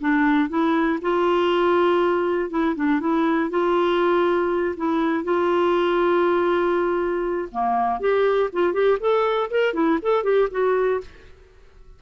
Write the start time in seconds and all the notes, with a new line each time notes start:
0.00 D4
0.49 E4
1.01 F4
2.50 E4
2.75 D4
3.00 E4
3.50 F4
4.76 E4
5.24 F4
7.51 A#3
8.00 G4
8.52 F4
8.72 G4
9.00 A4
9.50 A#4
9.73 E4
10.02 A4
10.23 G4
10.50 F#4